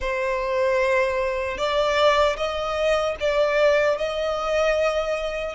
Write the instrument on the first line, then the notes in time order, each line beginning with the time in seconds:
violin
0.00 C5
1.57 D5
2.36 D#5
3.19 D5
3.98 D#5